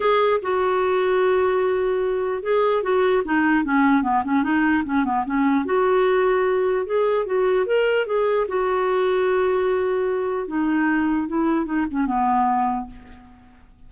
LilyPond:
\new Staff \with { instrumentName = "clarinet" } { \time 4/4 \tempo 4 = 149 gis'4 fis'2.~ | fis'2 gis'4 fis'4 | dis'4 cis'4 b8 cis'8 dis'4 | cis'8 b8 cis'4 fis'2~ |
fis'4 gis'4 fis'4 ais'4 | gis'4 fis'2.~ | fis'2 dis'2 | e'4 dis'8 cis'8 b2 | }